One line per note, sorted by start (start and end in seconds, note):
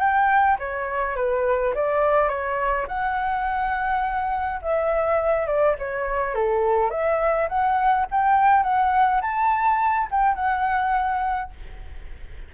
0.00 0.58 G5
0.59 1.16 C#5
1.16 1.74 B4
1.75 2.29 D5
2.29 2.87 C#5
2.88 4.61 F#5
4.62 5.47 E5
5.47 5.76 D5
5.79 6.35 C#5
6.35 6.91 A4
6.91 7.48 E5
7.49 8.07 F#5
8.11 8.64 G5
8.64 9.21 F#5
9.22 10.08 A5
10.11 10.36 G5
10.36 11.51 F#5